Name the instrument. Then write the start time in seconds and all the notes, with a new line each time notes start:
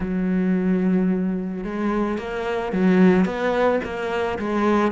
cello
0.00 F#3
1.64 G#3
2.18 A#3
2.72 F#3
3.25 B3
3.84 A#3
4.38 G#3